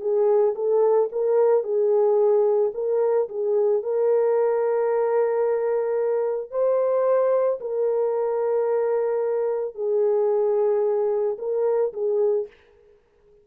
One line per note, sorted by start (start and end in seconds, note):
0.00 0.54 G#4
0.55 1.09 A4
1.12 1.63 A#4
1.63 2.71 G#4
2.74 3.28 A#4
3.28 3.82 G#4
3.82 6.51 A#4
6.51 7.59 C5
7.60 9.74 A#4
9.74 11.37 G#4
11.38 11.92 A#4
11.93 12.47 G#4